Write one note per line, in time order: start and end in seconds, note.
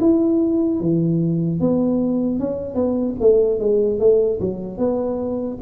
0.00 0.80 E4
0.80 1.60 E3
1.60 2.39 B3
2.39 2.75 C#4
2.75 3.15 B3
3.20 3.59 A3
3.59 3.99 G#3
3.99 4.39 A3
4.40 4.78 F#3
4.78 5.58 B3